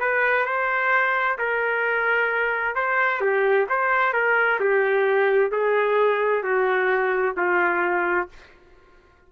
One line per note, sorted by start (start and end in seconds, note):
0.00 0.46 B4
0.46 1.38 C5
1.39 2.76 A#4
2.76 3.21 C5
3.21 3.67 G4
3.69 4.14 C5
4.14 4.60 A#4
4.60 5.52 G4
5.52 6.43 G#4
6.43 7.36 F#4
7.37 8.29 F4